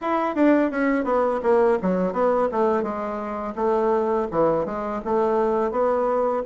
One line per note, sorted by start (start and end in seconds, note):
0.01 0.35 E4
0.35 0.70 D4
0.70 1.04 C#4
1.04 1.40 B3
1.42 1.78 A#3
1.81 2.12 F#3
2.12 2.48 B3
2.51 2.82 A3
2.82 3.54 G#3
3.55 4.27 A3
4.31 4.65 E3
4.65 5.01 G#3
5.05 5.71 A3
5.71 6.42 B3